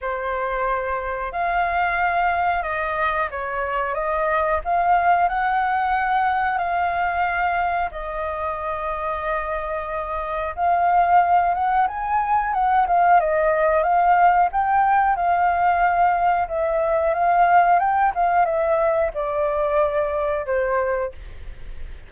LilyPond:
\new Staff \with { instrumentName = "flute" } { \time 4/4 \tempo 4 = 91 c''2 f''2 | dis''4 cis''4 dis''4 f''4 | fis''2 f''2 | dis''1 |
f''4. fis''8 gis''4 fis''8 f''8 | dis''4 f''4 g''4 f''4~ | f''4 e''4 f''4 g''8 f''8 | e''4 d''2 c''4 | }